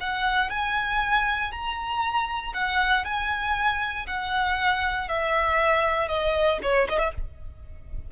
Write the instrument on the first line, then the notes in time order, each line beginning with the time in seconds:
violin
0.00 F#5
0.50 G#5
1.51 A#5
2.54 F#5
3.04 G#5
4.07 F#5
5.08 E5
6.08 D#5
6.62 C#5
6.89 D#5
6.98 E5